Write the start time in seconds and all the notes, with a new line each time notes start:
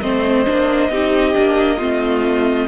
0.00 A3 C4 C5 D#5
0.46 A#3 D4
0.90 C4 D#4 G4
1.34 A#3 D4
1.77 A3 C4 F4